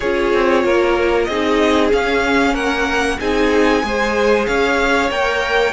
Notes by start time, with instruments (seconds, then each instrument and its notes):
0.00 cello C#4, viola F4, violin G#4 C#5
0.33 cello C4
0.63 cello A#3, violin A#4
1.23 cello C4, violin G#4 D#5
1.31 viola D#4
1.91 viola C#4, cello C#4, violin F5
2.53 cello A#3, violin A#4 F#5
3.19 cello C4, viola D#4, violin G#4 G#5
3.83 cello G#3, viola G#4, violin C5
4.46 cello C#4, violin C#5 F5
5.10 cello A#3, viola A#4, violin G5